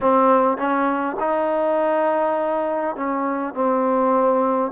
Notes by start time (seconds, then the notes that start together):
0.00 C4
0.57 C#4
1.19 D#4
2.96 C#4
3.53 C4